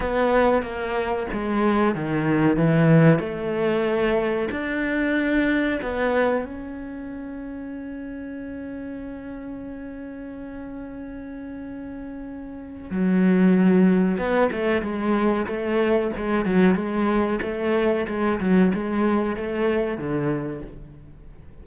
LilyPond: \new Staff \with { instrumentName = "cello" } { \time 4/4 \tempo 4 = 93 b4 ais4 gis4 dis4 | e4 a2 d'4~ | d'4 b4 cis'2~ | cis'1~ |
cis'1 | fis2 b8 a8 gis4 | a4 gis8 fis8 gis4 a4 | gis8 fis8 gis4 a4 d4 | }